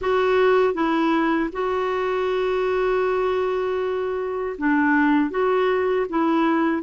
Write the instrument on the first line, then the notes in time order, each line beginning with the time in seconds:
clarinet
0.01 F#4
0.74 E4
1.52 F#4
4.57 D4
5.30 F#4
6.09 E4